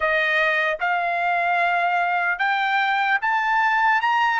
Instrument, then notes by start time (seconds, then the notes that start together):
trumpet
0.00 D#5
0.80 F5
2.39 G5
3.21 A5
4.01 A#5